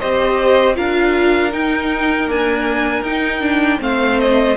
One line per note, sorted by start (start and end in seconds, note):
0.00 0.78 C4
0.00 0.75 G4
0.00 0.76 C5
0.00 0.76 D#5
0.75 1.54 D4
0.75 1.51 F4
0.75 3.80 A#4
0.75 1.53 F5
1.52 2.28 D#4
1.52 2.30 D#4
1.52 2.29 G5
2.28 3.04 A#3
2.28 3.02 D4
2.28 3.04 G#5
3.02 3.78 D#4
3.02 3.41 D#4
3.02 3.80 G5
3.41 3.79 D4
3.79 4.57 A3
3.79 4.55 C4
3.79 4.57 C5
3.79 4.20 F5
4.20 4.57 D#5